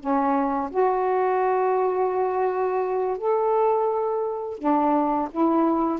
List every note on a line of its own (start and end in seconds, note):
0.00 0.71 C#4
0.71 3.18 F#4
3.18 4.59 A4
4.59 5.29 D4
5.31 6.00 E4